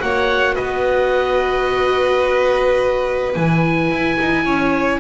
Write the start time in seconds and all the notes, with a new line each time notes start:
0.00 A#3 F#4 C#5 F#5
0.54 B3 B4 D#5
3.34 E3 E4 G#5
3.91 E4
4.20 D#4
4.44 C#4 C#5